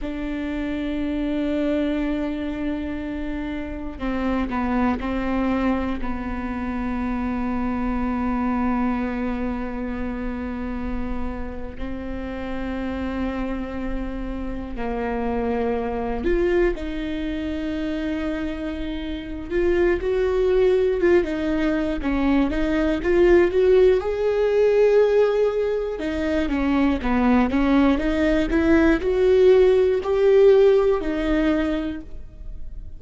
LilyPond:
\new Staff \with { instrumentName = "viola" } { \time 4/4 \tempo 4 = 60 d'1 | c'8 b8 c'4 b2~ | b2.~ b8. c'16~ | c'2~ c'8. ais4~ ais16~ |
ais16 f'8 dis'2~ dis'8. f'8 | fis'4 f'16 dis'8. cis'8 dis'8 f'8 fis'8 | gis'2 dis'8 cis'8 b8 cis'8 | dis'8 e'8 fis'4 g'4 dis'4 | }